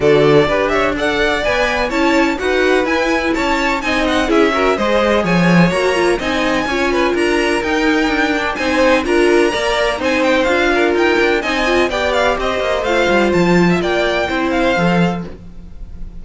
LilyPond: <<
  \new Staff \with { instrumentName = "violin" } { \time 4/4 \tempo 4 = 126 d''4. e''8 fis''4 gis''4 | a''4 fis''4 gis''4 a''4 | gis''8 fis''8 e''4 dis''4 gis''4 | ais''4 gis''2 ais''4 |
g''2 gis''4 ais''4~ | ais''4 gis''8 g''8 f''4 g''4 | gis''4 g''8 f''8 dis''4 f''4 | a''4 g''4. f''4. | }
  \new Staff \with { instrumentName = "violin" } { \time 4/4 a'4 b'8 cis''8 d''2 | cis''4 b'2 cis''4 | dis''4 gis'8 ais'8 c''4 cis''4~ | cis''4 dis''4 cis''8 b'8 ais'4~ |
ais'2 c''4 ais'4 | d''4 c''4. ais'4. | dis''4 d''4 c''2~ | c''8. e''16 d''4 c''2 | }
  \new Staff \with { instrumentName = "viola" } { \time 4/4 fis'4 g'4 a'4 b'4 | e'4 fis'4 e'2 | dis'4 e'8 fis'8 gis'2 | fis'8 f'8 dis'4 f'2 |
dis'4. d'8 dis'4 f'4 | ais'4 dis'4 f'2 | dis'8 f'8 g'2 f'4~ | f'2 e'4 a'4 | }
  \new Staff \with { instrumentName = "cello" } { \time 4/4 d4 d'2 b4 | cis'4 dis'4 e'4 cis'4 | c'4 cis'4 gis4 f4 | ais4 c'4 cis'4 d'4 |
dis'4 d'4 c'4 d'4 | ais4 c'4 d'4 dis'8 d'8 | c'4 b4 c'8 ais8 a8 g8 | f4 ais4 c'4 f4 | }
>>